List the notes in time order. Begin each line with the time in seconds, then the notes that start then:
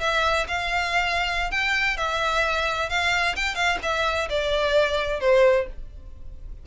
0.00 E5
0.47 F5
1.51 G5
1.97 E5
2.89 F5
3.35 G5
3.55 F5
3.82 E5
4.29 D5
5.20 C5